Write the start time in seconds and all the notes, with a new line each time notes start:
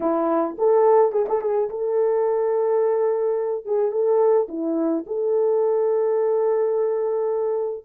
0.00 E4
0.58 A4
1.12 G#4
1.28 A4
1.41 G#4
1.69 A4
3.65 G#4
3.91 A4
4.48 E4
5.06 A4